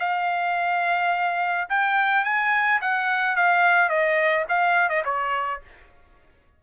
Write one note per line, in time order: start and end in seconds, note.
0.00 1.68 F5
1.69 2.25 G5
2.25 2.81 G#5
2.81 3.36 F#5
3.36 3.89 F5
3.89 4.46 D#5
4.49 4.89 F5
4.89 5.03 D#5
5.05 5.61 C#5